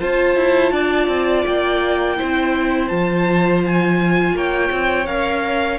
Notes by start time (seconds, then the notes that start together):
0.00 F4 C5 A5
0.36 E4
0.72 D4 D5
1.08 C4
1.46 A#3 G5
2.17 C4 E4 C5
2.88 F3 F4 A5
3.65 G#5
4.33 A#3 C#5 G5
4.71 C4
5.06 C#4 A#4 F5